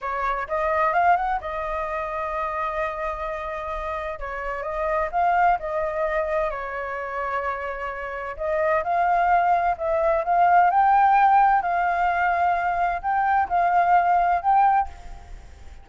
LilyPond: \new Staff \with { instrumentName = "flute" } { \time 4/4 \tempo 4 = 129 cis''4 dis''4 f''8 fis''8 dis''4~ | dis''1~ | dis''4 cis''4 dis''4 f''4 | dis''2 cis''2~ |
cis''2 dis''4 f''4~ | f''4 e''4 f''4 g''4~ | g''4 f''2. | g''4 f''2 g''4 | }